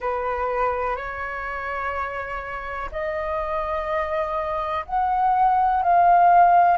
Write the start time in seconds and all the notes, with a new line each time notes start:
0.00 B4
0.96 C#5
2.91 D#5
4.85 F#5
5.82 F5